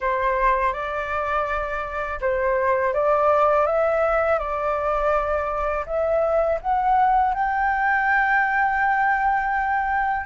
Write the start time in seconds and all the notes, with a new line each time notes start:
0.00 C5
0.73 D5
2.21 C5
2.93 D5
3.66 E5
4.39 D5
5.85 E5
6.61 F#5
7.34 G5